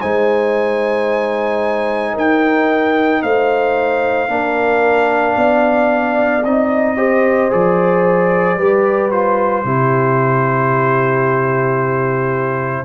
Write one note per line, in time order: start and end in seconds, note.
0.00 2.16 G#3
0.00 4.28 D#4
0.00 2.13 C5
0.00 2.15 G#5
2.13 3.22 D#4
2.13 3.20 A#4
2.13 3.22 G5
3.22 4.28 A3
3.22 4.30 C5
3.22 6.44 F5
4.28 5.35 A#3
4.28 6.42 D4
4.28 5.36 A#4
5.36 6.43 B3
5.36 6.96 D5
6.43 7.50 C4
6.43 6.97 D#4
6.43 7.51 D#5
6.96 7.50 G4
6.96 8.57 C5
7.50 8.57 F3
7.50 8.57 G#4
7.50 9.11 D5
8.57 9.64 G3
8.57 9.11 G4
8.57 9.64 B4
9.11 9.65 F4
9.11 12.85 C5
9.64 12.85 C3
9.64 12.85 E4
9.64 12.85 G4